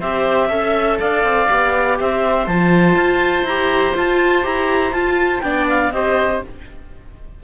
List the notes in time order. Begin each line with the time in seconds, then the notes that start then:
0.00 C4 G4 C5 E5
0.48 C#4 A4 E5
1.00 D4 D5 F5
1.23 C4
1.49 B3 G4
2.00 C4 C5 E5
2.47 F3 F4 A5
2.95 F4
3.44 E4 G4 A#5
3.95 F4 A5
4.43 E4 G4 A#5
4.92 F4 A5
5.41 B3 D4 D5 G5
5.69 F5
5.92 C4 G4 C5 D#5